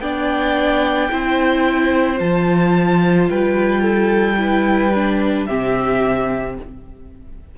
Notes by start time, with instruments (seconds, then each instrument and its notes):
0.00 cello B3, viola D4, violin D5 G5
1.10 cello C4, viola E4, violin C5
2.16 cello F3, viola F4, violin A5
3.30 cello G3, violin B4 G5
3.82 violin A4
4.37 viola E4, violin B4
4.94 viola D4
5.45 cello C3, viola C4, violin G4 E5